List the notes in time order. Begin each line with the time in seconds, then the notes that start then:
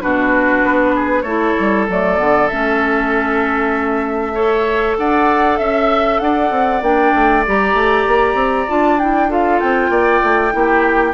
0.00 B2 D4 F#4 B4
0.62 B3
0.95 G#4
1.22 A3 E4 A4 C#5
1.59 G3
1.88 F#3 A3 D5
2.17 D3 B3
2.48 A3 C#4 E5
4.33 A4 C#5
4.97 D4 D5 F#5
5.57 C#4 E5
6.19 D4 D5 F#5
6.50 C4
6.81 A#3 D4 G5
7.15 A3
7.45 G3 G4 A#5
7.73 A3
8.07 A#3
8.34 C4
8.68 D4 F4 A5
8.99 E4 G5
9.28 F4 A4 F5
9.59 C4 G5
9.89 A#3 D5
10.23 A3
10.51 A#3 E4 G4